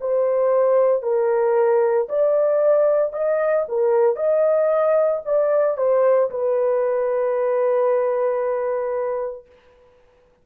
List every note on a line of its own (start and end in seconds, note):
0.00 1.02 C5
1.02 2.08 A#4
2.09 3.12 D5
3.12 3.65 D#5
3.68 4.15 A#4
4.15 5.21 D#5
5.25 5.77 D5
5.77 6.30 C5
6.30 9.46 B4